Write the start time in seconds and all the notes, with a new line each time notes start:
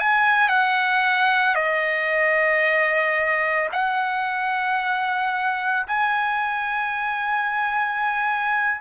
0.00 G#5
0.49 F#5
1.55 D#5
3.73 F#5
5.88 G#5